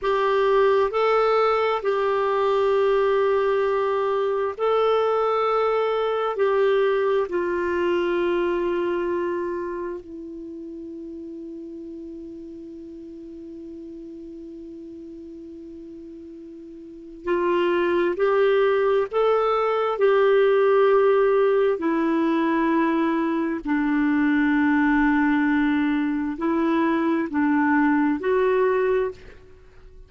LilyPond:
\new Staff \with { instrumentName = "clarinet" } { \time 4/4 \tempo 4 = 66 g'4 a'4 g'2~ | g'4 a'2 g'4 | f'2. e'4~ | e'1~ |
e'2. f'4 | g'4 a'4 g'2 | e'2 d'2~ | d'4 e'4 d'4 fis'4 | }